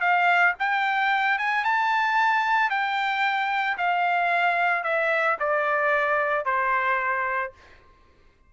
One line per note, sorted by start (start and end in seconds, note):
0.00 0.54 F5
0.59 1.38 G5
1.38 1.64 G#5
1.64 2.70 A5
2.70 3.77 G5
3.77 4.83 F5
4.83 5.37 E5
5.39 6.45 D5
6.45 7.52 C5